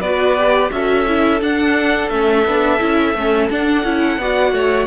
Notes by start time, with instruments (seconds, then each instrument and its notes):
0.00 cello B3, viola F#4, violin B4 D5
0.37 viola G4
0.71 cello C#4, viola F#4, violin A4 E5
1.07 viola E4
1.40 viola D4, cello D4, violin F#5
2.09 cello A3, viola C#4, violin E5
2.45 cello B3, viola D4
2.80 cello C#4, viola E4
3.15 cello A3, viola C#4
3.50 viola D4, cello D4, violin F#5
3.83 cello C#4, viola E4
4.17 cello B3, viola F#4, violin D5
4.52 cello A3, violin C#5